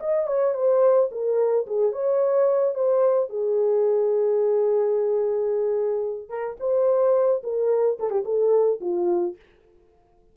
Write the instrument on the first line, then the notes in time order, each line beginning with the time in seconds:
horn
0.00 D#5
0.27 C#5
0.55 C5
1.11 A#4
1.67 G#4
1.92 C#5
2.75 C5
3.30 G#4
6.29 A#4
6.60 C5
7.43 A#4
7.99 A4
8.10 G4
8.25 A4
8.81 F4